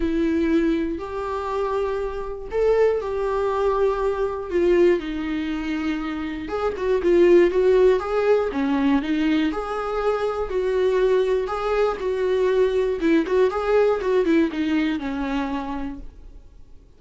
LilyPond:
\new Staff \with { instrumentName = "viola" } { \time 4/4 \tempo 4 = 120 e'2 g'2~ | g'4 a'4 g'2~ | g'4 f'4 dis'2~ | dis'4 gis'8 fis'8 f'4 fis'4 |
gis'4 cis'4 dis'4 gis'4~ | gis'4 fis'2 gis'4 | fis'2 e'8 fis'8 gis'4 | fis'8 e'8 dis'4 cis'2 | }